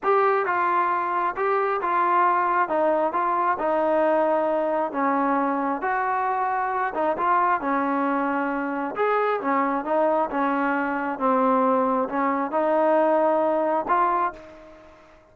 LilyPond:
\new Staff \with { instrumentName = "trombone" } { \time 4/4 \tempo 4 = 134 g'4 f'2 g'4 | f'2 dis'4 f'4 | dis'2. cis'4~ | cis'4 fis'2~ fis'8 dis'8 |
f'4 cis'2. | gis'4 cis'4 dis'4 cis'4~ | cis'4 c'2 cis'4 | dis'2. f'4 | }